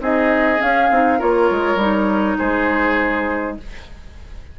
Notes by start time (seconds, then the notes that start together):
0.00 C4 D#4 G#4 D#5
0.58 C#4 F5
0.90 C4 D#4
1.19 A#3 F4 A#4 C#5
1.50 G#3
1.76 G3 D#4
2.38 G#3 G#4 C5